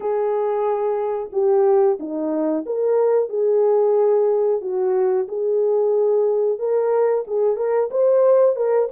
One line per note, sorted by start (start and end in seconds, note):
0.00 1.30 G#4
1.32 1.98 G4
1.99 2.65 D#4
2.66 3.29 A#4
3.29 4.61 G#4
4.61 5.27 F#4
5.28 6.58 G#4
6.58 7.24 A#4
7.27 7.56 G#4
7.56 7.89 A#4
7.90 8.55 C5
8.55 8.88 A#4